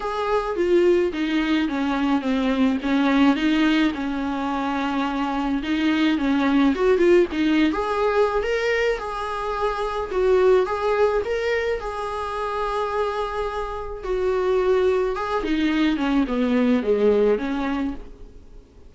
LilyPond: \new Staff \with { instrumentName = "viola" } { \time 4/4 \tempo 4 = 107 gis'4 f'4 dis'4 cis'4 | c'4 cis'4 dis'4 cis'4~ | cis'2 dis'4 cis'4 | fis'8 f'8 dis'8. gis'4~ gis'16 ais'4 |
gis'2 fis'4 gis'4 | ais'4 gis'2.~ | gis'4 fis'2 gis'8 dis'8~ | dis'8 cis'8 b4 gis4 cis'4 | }